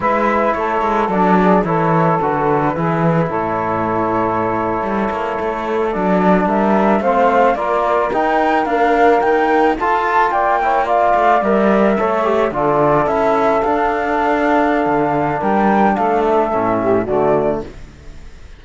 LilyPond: <<
  \new Staff \with { instrumentName = "flute" } { \time 4/4 \tempo 4 = 109 e''4 cis''4 d''4 cis''4 | b'2 cis''2~ | cis''2~ cis''8. d''4 e''16~ | e''8. f''4 d''4 g''4 f''16~ |
f''8. g''4 a''4 g''4 f''16~ | f''8. e''2 d''4 e''16~ | e''8. f''2.~ f''16 | g''4 f''8 e''4. d''4 | }
  \new Staff \with { instrumentName = "saxophone" } { \time 4/4 b'4 a'4. gis'8 a'4~ | a'4 gis'4 a'2~ | a'2.~ a'8. ais'16~ | ais'8. c''4 ais'2~ ais'16~ |
ais'4.~ ais'16 a'4 d''8 cis''8 d''16~ | d''4.~ d''16 cis''4 a'4~ a'16~ | a'1 | ais'4 a'4. g'8 fis'4 | }
  \new Staff \with { instrumentName = "trombone" } { \time 4/4 e'2 d'4 e'4 | fis'4 e'2.~ | e'2~ e'8. d'4~ d'16~ | d'8. c'4 f'4 dis'4 ais16~ |
ais4.~ ais16 f'4. e'8 f'16~ | f'8. ais'4 a'8 g'8 f'4 e'16~ | e'8. d'2.~ d'16~ | d'2 cis'4 a4 | }
  \new Staff \with { instrumentName = "cello" } { \time 4/4 gis4 a8 gis8 fis4 e4 | d4 e4 a,2~ | a,8. g8 ais8 a4 fis4 g16~ | g8. a4 ais4 dis'4 d'16~ |
d'8. dis'4 f'4 ais4~ ais16~ | ais16 a8 g4 a4 d4 cis'16~ | cis'8. d'2~ d'16 d4 | g4 a4 a,4 d4 | }
>>